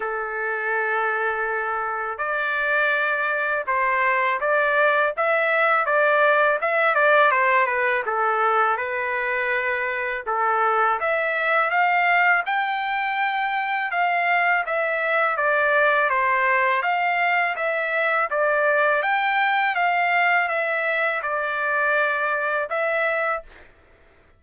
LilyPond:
\new Staff \with { instrumentName = "trumpet" } { \time 4/4 \tempo 4 = 82 a'2. d''4~ | d''4 c''4 d''4 e''4 | d''4 e''8 d''8 c''8 b'8 a'4 | b'2 a'4 e''4 |
f''4 g''2 f''4 | e''4 d''4 c''4 f''4 | e''4 d''4 g''4 f''4 | e''4 d''2 e''4 | }